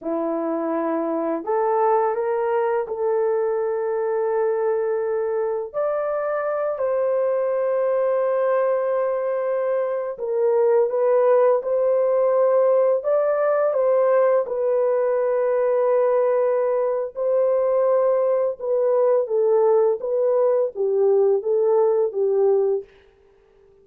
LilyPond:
\new Staff \with { instrumentName = "horn" } { \time 4/4 \tempo 4 = 84 e'2 a'4 ais'4 | a'1 | d''4. c''2~ c''8~ | c''2~ c''16 ais'4 b'8.~ |
b'16 c''2 d''4 c''8.~ | c''16 b'2.~ b'8. | c''2 b'4 a'4 | b'4 g'4 a'4 g'4 | }